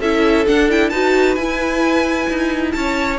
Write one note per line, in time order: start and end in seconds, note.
0.00 0.45 C#4
0.00 0.47 E4
0.00 0.91 A4
0.00 0.46 E5
0.47 0.69 D4
0.47 0.92 D4
0.47 0.70 F#5
0.69 0.92 E4
0.69 0.89 G5
0.89 1.37 D#4
0.89 1.37 F#4
0.89 2.73 B4
0.89 1.35 A5
1.35 2.28 E4
1.35 3.19 E4
1.35 2.71 G#5
2.29 2.75 D#4
2.72 3.19 C#4
2.72 3.19 C#5
2.72 3.17 A5